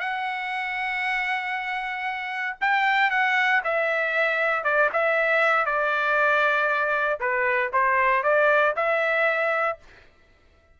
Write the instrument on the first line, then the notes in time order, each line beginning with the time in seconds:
trumpet
0.00 F#5
2.61 G5
3.10 F#5
3.64 E5
4.64 D5
4.93 E5
5.65 D5
7.20 B4
7.73 C5
8.23 D5
8.76 E5